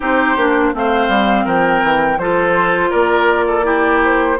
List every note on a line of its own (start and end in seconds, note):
0.00 0.36 C4
0.00 0.36 D#4
0.00 0.73 G4
0.00 0.74 C5
0.36 0.72 A#3
0.36 0.73 D4
0.73 1.08 A3
0.73 2.20 C4
0.73 1.45 C5
0.73 1.47 F5
1.08 1.45 G3
1.45 1.82 F3
1.45 2.18 A#4
1.45 2.18 G5
1.83 2.17 E3
2.17 2.91 F3
2.17 3.63 F4
2.17 2.90 A4
2.17 2.91 C5
2.90 4.39 A#3
2.90 3.45 A#4
2.90 4.00 D5
3.47 3.65 A4
3.63 4.36 E4
3.63 4.38 G4
4.04 4.39 C5